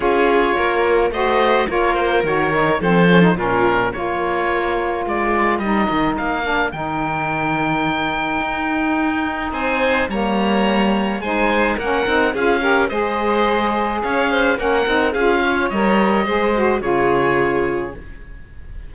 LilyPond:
<<
  \new Staff \with { instrumentName = "oboe" } { \time 4/4 \tempo 4 = 107 cis''2 dis''4 cis''8 c''8 | cis''4 c''4 ais'4 cis''4~ | cis''4 d''4 dis''4 f''4 | g''1~ |
g''4 gis''4 ais''2 | gis''4 fis''4 f''4 dis''4~ | dis''4 f''4 fis''4 f''4 | dis''2 cis''2 | }
  \new Staff \with { instrumentName = "violin" } { \time 4/4 gis'4 ais'4 c''4 ais'4~ | ais'4 a'4 f'4 ais'4~ | ais'1~ | ais'1~ |
ais'4 c''4 cis''2 | c''4 ais'4 gis'8 ais'8 c''4~ | c''4 cis''8 c''8 ais'4 gis'8 cis''8~ | cis''4 c''4 gis'2 | }
  \new Staff \with { instrumentName = "saxophone" } { \time 4/4 f'2 fis'4 f'4 | fis'8 dis'8 c'8 cis'16 dis'16 cis'4 f'4~ | f'2 dis'4. d'8 | dis'1~ |
dis'2 ais2 | dis'4 cis'8 dis'8 f'8 g'8 gis'4~ | gis'2 cis'8 dis'8 f'4 | ais'4 gis'8 fis'8 f'2 | }
  \new Staff \with { instrumentName = "cello" } { \time 4/4 cis'4 ais4 a4 ais4 | dis4 f4 ais,4 ais4~ | ais4 gis4 g8 dis8 ais4 | dis2. dis'4~ |
dis'4 c'4 g2 | gis4 ais8 c'8 cis'4 gis4~ | gis4 cis'4 ais8 c'8 cis'4 | g4 gis4 cis2 | }
>>